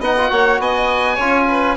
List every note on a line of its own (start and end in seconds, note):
0.00 0.29 B3
0.00 0.17 D#4
0.00 0.31 D#5
0.00 0.61 F#5
0.18 0.30 F4
0.30 0.59 A#3
0.30 1.18 F#4
0.30 0.61 C#5
0.59 1.18 B3
0.59 1.15 D#5
0.59 1.77 G#5
1.15 1.77 C#4
1.15 1.77 F4
1.15 1.44 C#5
1.48 1.77 B4